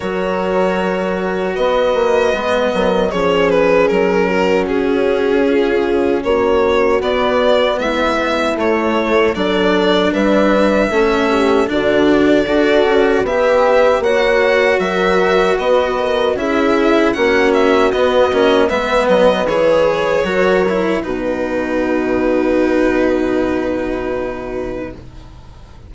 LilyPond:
<<
  \new Staff \with { instrumentName = "violin" } { \time 4/4 \tempo 4 = 77 cis''2 dis''2 | cis''8 b'8 ais'4 gis'2 | cis''4 d''4 e''4 cis''4 | d''4 e''2 d''4~ |
d''4 e''4 fis''4 e''4 | dis''4 e''4 fis''8 e''8 dis''4 | e''8 dis''8 cis''2 b'4~ | b'1 | }
  \new Staff \with { instrumentName = "horn" } { \time 4/4 ais'2 b'4. ais'8 | gis'4. fis'4. f'4 | fis'2 e'2 | a'4 b'4 a'8 g'8 fis'4 |
a'4 b'4 cis''4 ais'4 | b'8 ais'8 gis'4 fis'2 | b'2 ais'4 fis'4~ | fis'1 | }
  \new Staff \with { instrumentName = "cello" } { \time 4/4 fis'2. b4 | cis'1~ | cis'4 b2 a4 | d'2 cis'4 d'4 |
fis'4 g'4 fis'2~ | fis'4 e'4 cis'4 b8 cis'8 | b4 gis'4 fis'8 e'8 dis'4~ | dis'1 | }
  \new Staff \with { instrumentName = "bassoon" } { \time 4/4 fis2 b8 ais8 gis8 fis8 | f4 fis4 cis'2 | ais4 b4 gis4 a4 | fis4 g4 a4 d4 |
d'8 cis'8 b4 ais4 fis4 | b4 cis'4 ais4 b8 ais8 | gis8 fis8 e4 fis4 b,4~ | b,1 | }
>>